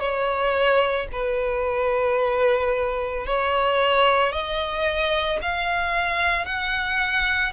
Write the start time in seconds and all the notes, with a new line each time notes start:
0.00 C#5
1.12 B4
3.26 C#5
4.32 D#5
5.42 F5
6.45 F#5